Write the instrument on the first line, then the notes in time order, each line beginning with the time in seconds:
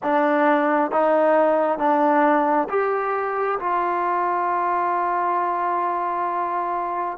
trombone
0.02 D4
0.91 D#4
1.78 D4
2.69 G4
3.59 F4